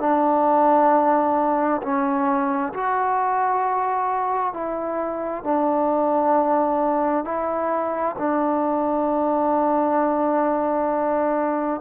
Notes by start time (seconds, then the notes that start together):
0.00 D4
1.83 C#4
2.74 F#4
4.54 E4
5.44 D4
7.25 E4
8.19 D4